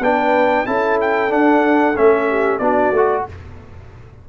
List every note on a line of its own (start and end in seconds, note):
0.00 0.65 B3
0.00 0.67 D4
0.00 0.67 B4
0.00 0.67 G5
0.67 1.30 C#4
0.67 1.29 E4
0.67 2.28 A4
0.67 0.99 A5
1.01 1.33 G5
1.29 1.94 D4
1.29 1.95 D4
1.29 1.97 F#5
1.96 2.60 A3
1.96 2.61 C#4
1.96 2.59 E5
2.29 2.60 G4
2.59 2.92 B3
2.59 2.94 D4
2.59 3.25 F#4
2.59 3.23 D5
2.92 3.25 A3
2.92 3.29 F#4